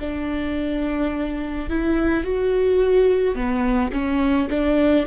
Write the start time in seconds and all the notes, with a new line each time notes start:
0.00 D4
1.70 E4
2.24 F#4
3.35 B3
3.93 C#4
4.50 D4